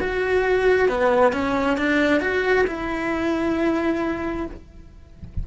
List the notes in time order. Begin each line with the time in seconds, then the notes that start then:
0.00 F#4
0.89 B3
1.32 C#4
1.77 D4
2.21 F#4
2.67 E4